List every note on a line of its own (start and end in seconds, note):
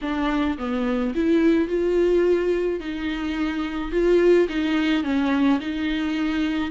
0.01 0.57 D4
0.58 1.14 B3
1.14 1.68 E4
1.68 2.80 F4
2.80 3.91 D#4
3.91 4.47 F4
4.49 5.03 D#4
5.03 5.59 C#4
5.60 6.71 D#4